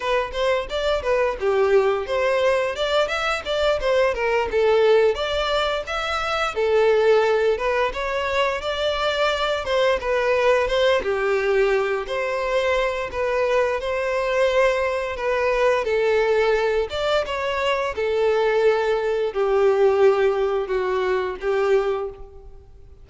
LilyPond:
\new Staff \with { instrumentName = "violin" } { \time 4/4 \tempo 4 = 87 b'8 c''8 d''8 b'8 g'4 c''4 | d''8 e''8 d''8 c''8 ais'8 a'4 d''8~ | d''8 e''4 a'4. b'8 cis''8~ | cis''8 d''4. c''8 b'4 c''8 |
g'4. c''4. b'4 | c''2 b'4 a'4~ | a'8 d''8 cis''4 a'2 | g'2 fis'4 g'4 | }